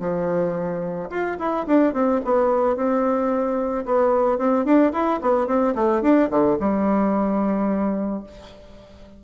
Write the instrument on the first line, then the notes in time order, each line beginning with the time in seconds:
bassoon
0.00 F3
1.10 F4
1.39 E4
1.66 D4
1.93 C4
2.25 B3
2.76 C4
3.86 B3
4.38 C4
4.65 D4
4.93 E4
5.22 B3
5.47 C4
5.75 A3
6.02 D4
6.30 D3
6.60 G3